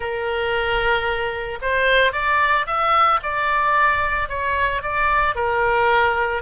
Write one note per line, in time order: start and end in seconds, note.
0.00 1.59 A#4
1.61 2.12 C5
2.12 2.66 D5
2.66 3.20 E5
3.22 4.28 D5
4.28 4.82 C#5
4.82 5.35 D5
5.35 6.42 A#4